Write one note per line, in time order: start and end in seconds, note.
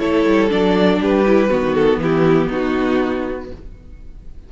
0.00 0.26 A3
0.00 0.50 E4
0.00 1.00 A4
0.00 0.50 C#5
0.26 0.51 G3
0.50 1.01 F#3
0.50 1.25 D4
0.50 1.03 D5
1.01 1.51 G3
1.01 1.51 G4
1.01 1.75 B4
1.27 1.50 E4
1.50 1.98 D#3
1.50 3.50 B3
1.50 2.01 F#4
1.75 2.00 A4
1.98 2.48 E3
1.98 2.49 E4
1.98 2.53 G4
2.49 3.52 B3
2.49 3.49 D#4
2.49 3.53 F#4